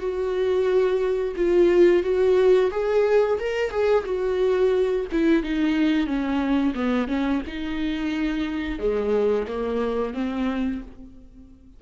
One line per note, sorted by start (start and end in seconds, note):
0.00 1.35 F#4
1.36 2.03 F4
2.03 2.71 F#4
2.71 3.39 G#4
3.40 3.71 A#4
3.71 4.04 G#4
4.05 5.06 F#4
5.12 5.43 E4
5.43 6.07 D#4
6.07 6.74 C#4
6.74 7.08 B3
7.08 7.42 C#4
7.47 8.79 D#4
8.79 9.47 G#3
9.48 10.14 A#3
10.14 10.81 C4